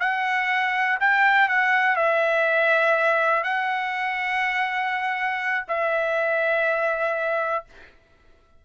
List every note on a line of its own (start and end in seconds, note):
0.00 0.98 F#5
1.00 1.49 G5
1.49 1.96 F#5
1.96 3.44 E5
3.44 5.65 F#5
5.68 7.65 E5